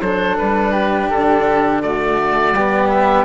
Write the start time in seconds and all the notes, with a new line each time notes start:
0.00 F#3 D4 A4 C5
0.37 G3 B4
0.72 G4
1.09 D3 A4
1.82 A3 F#4 D5
2.52 G3 B3 G4
2.89 E5